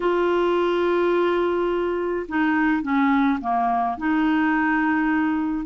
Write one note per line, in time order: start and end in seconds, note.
0.00 2.26 F4
2.28 2.82 D#4
2.82 3.39 C#4
3.40 3.97 A#3
3.97 5.66 D#4